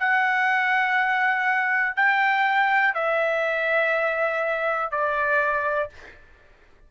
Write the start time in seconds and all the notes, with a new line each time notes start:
0.00 F#5
1.96 G5
2.95 E5
4.92 D5